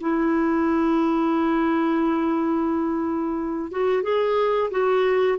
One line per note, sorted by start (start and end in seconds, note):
0.00 3.71 E4
3.71 4.03 F#4
4.03 4.70 G#4
4.71 5.38 F#4